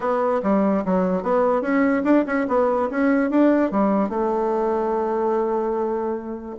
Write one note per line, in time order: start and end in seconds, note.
0.00 0.41 B3
0.42 0.83 G3
0.85 1.22 F#3
1.22 1.61 B3
1.61 2.02 C#4
2.04 2.24 D4
2.26 2.47 C#4
2.48 2.89 B3
2.90 3.30 C#4
3.30 3.71 D4
3.71 4.09 G3
4.09 6.55 A3